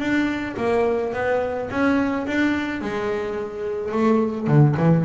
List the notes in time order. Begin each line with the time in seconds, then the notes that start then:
0.00 D4
0.58 A#3
1.14 B3
1.71 C#4
2.27 D4
2.82 G#3
3.92 A3
4.48 D3
4.78 E3